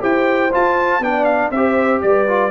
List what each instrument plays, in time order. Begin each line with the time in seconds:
0.00 tuba E4, trombone G4, horn C5, trumpet G5
0.52 trombone F4, tuba F4, trumpet A5
1.00 tuba B3, trombone D4, horn D5, trumpet G5
1.24 trumpet F5
1.50 tuba C4, trombone G4, horn C5, trumpet E5
2.01 tuba G3, horn B4, trumpet D5
2.28 trombone F4